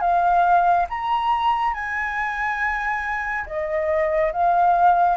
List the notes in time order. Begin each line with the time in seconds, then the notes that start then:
0.00 F5
0.89 A#5
1.73 G#5
3.46 D#5
4.32 F5